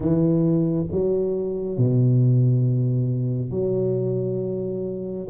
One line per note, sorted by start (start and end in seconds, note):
0.00 0.85 E3
0.91 1.77 F#3
1.77 3.51 B2
3.51 5.27 F#3